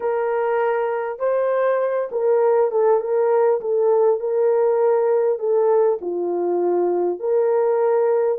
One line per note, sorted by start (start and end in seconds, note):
0.00 1.19 A#4
1.19 2.09 C5
2.11 2.71 A#4
2.71 3.00 A4
3.00 3.60 A#4
3.60 4.19 A4
4.19 5.38 A#4
5.38 5.98 A4
6.01 7.19 F4
7.19 8.38 A#4